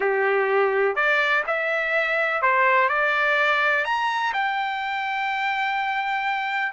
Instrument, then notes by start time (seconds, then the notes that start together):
trumpet
0.00 G4
0.95 D5
1.46 E5
2.42 C5
2.88 D5
3.84 A#5
4.33 G5